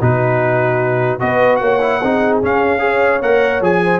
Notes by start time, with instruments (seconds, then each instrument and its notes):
0.00 tuba B2, trombone D#4, horn F#4, trumpet B4
1.19 tuba B3, trombone F#4, horn B4, trumpet D#5
1.57 tuba A#3, horn C#5, trumpet F#5
1.81 trombone E4
2.02 tuba C4, trombone D#4, horn G#4
2.43 trombone C#4, tuba C#4, trumpet F5
2.79 trombone G#4, horn C#5
3.22 tuba A#3, trombone A#4, trumpet F#5
3.61 tuba F3, trombone G#4, trumpet G#5
3.84 horn C5